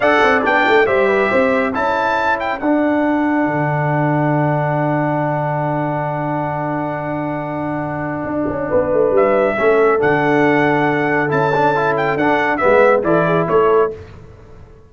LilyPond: <<
  \new Staff \with { instrumentName = "trumpet" } { \time 4/4 \tempo 4 = 138 fis''4 g''4 e''2 | a''4. g''8 fis''2~ | fis''1~ | fis''1~ |
fis''1~ | fis''4 e''2 fis''4~ | fis''2 a''4. g''8 | fis''4 e''4 d''4 cis''4 | }
  \new Staff \with { instrumentName = "horn" } { \time 4/4 d''2 c''8 b'8 c''4 | a'1~ | a'1~ | a'1~ |
a'1 | b'2 a'2~ | a'1~ | a'4 b'4 a'8 gis'8 a'4 | }
  \new Staff \with { instrumentName = "trombone" } { \time 4/4 a'4 d'4 g'2 | e'2 d'2~ | d'1~ | d'1~ |
d'1~ | d'2 cis'4 d'4~ | d'2 e'8 d'8 e'4 | d'4 b4 e'2 | }
  \new Staff \with { instrumentName = "tuba" } { \time 4/4 d'8 c'8 b8 a8 g4 c'4 | cis'2 d'2 | d1~ | d1~ |
d2. d'8 cis'8 | b8 a8 g4 a4 d4~ | d2 cis'2 | d'4 gis4 e4 a4 | }
>>